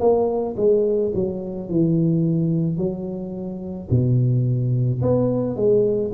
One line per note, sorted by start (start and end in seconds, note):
0.00 0.56 A#3
0.57 1.13 G#3
1.15 1.69 F#3
1.69 2.78 E3
2.78 3.89 F#3
3.90 5.02 B2
5.02 5.57 B3
5.57 6.12 G#3